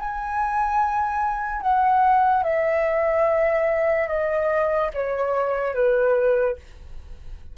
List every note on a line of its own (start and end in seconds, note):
0.00 1.62 G#5
1.62 2.44 F#5
2.44 4.08 E5
4.08 4.91 D#5
4.94 5.75 C#5
5.75 6.57 B4